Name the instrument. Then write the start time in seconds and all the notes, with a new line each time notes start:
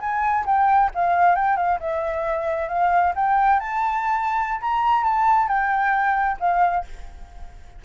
flute
0.00 G#5
0.46 G5
0.94 F5
1.35 G5
1.56 F5
1.80 E5
2.68 F5
3.15 G5
3.59 A5
4.61 A#5
5.04 A5
5.47 G5
6.39 F5